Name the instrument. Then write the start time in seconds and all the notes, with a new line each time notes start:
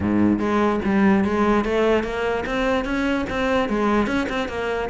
cello
0.00 G#2
0.39 G#3
0.84 G3
1.24 G#3
1.64 A3
2.03 A#3
2.46 C4
2.84 C#4
3.29 C4
3.68 G#3
4.06 C#4
4.29 C4
4.48 A#3